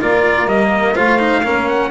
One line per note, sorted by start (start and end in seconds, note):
0.00 0.46 A#3
0.00 0.48 F4
0.00 0.94 A#4
0.00 0.48 D5
0.46 0.94 G3
0.46 0.95 A#3
0.46 0.96 D#5
0.94 1.44 A3
0.94 1.19 F4
0.94 1.42 C5
0.94 1.68 F5
1.19 1.43 D#4
1.43 1.91 A#3
1.43 1.91 C#4
1.43 1.91 A#4
1.68 1.91 F#5